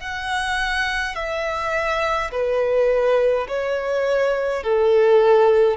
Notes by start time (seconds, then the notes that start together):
0.00 F#5
1.15 E5
2.32 B4
3.48 C#5
4.63 A4